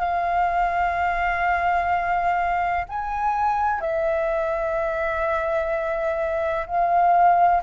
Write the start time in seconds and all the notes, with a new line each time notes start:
0.00 F5
2.89 G#5
3.81 E5
6.67 F5